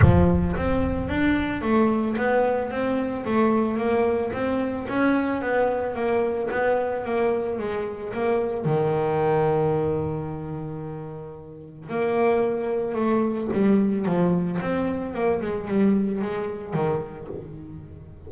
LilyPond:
\new Staff \with { instrumentName = "double bass" } { \time 4/4 \tempo 4 = 111 f4 c'4 d'4 a4 | b4 c'4 a4 ais4 | c'4 cis'4 b4 ais4 | b4 ais4 gis4 ais4 |
dis1~ | dis2 ais2 | a4 g4 f4 c'4 | ais8 gis8 g4 gis4 dis4 | }